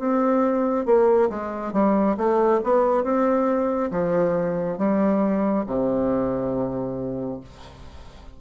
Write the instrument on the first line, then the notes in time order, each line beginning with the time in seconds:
bassoon
0.00 C4
0.86 A#3
1.30 G#3
1.74 G3
2.18 A3
2.64 B3
3.04 C4
3.92 F3
4.79 G3
5.67 C3